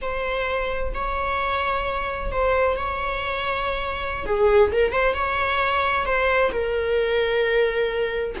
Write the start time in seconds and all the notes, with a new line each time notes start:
0.01 C5
0.94 C#5
2.31 C5
2.76 C#5
4.25 G#4
4.72 A#4
4.92 C5
5.14 C#5
6.05 C5
6.51 A#4